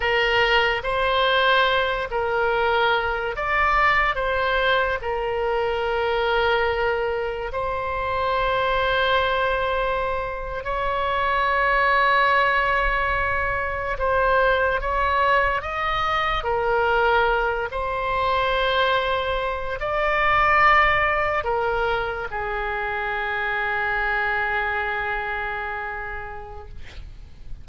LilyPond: \new Staff \with { instrumentName = "oboe" } { \time 4/4 \tempo 4 = 72 ais'4 c''4. ais'4. | d''4 c''4 ais'2~ | ais'4 c''2.~ | c''8. cis''2.~ cis''16~ |
cis''8. c''4 cis''4 dis''4 ais'16~ | ais'4~ ais'16 c''2~ c''8 d''16~ | d''4.~ d''16 ais'4 gis'4~ gis'16~ | gis'1 | }